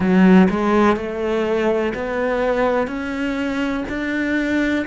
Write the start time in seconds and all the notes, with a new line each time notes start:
0.00 F#3
0.50 G#3
0.96 A3
1.94 B3
2.87 C#4
3.88 D4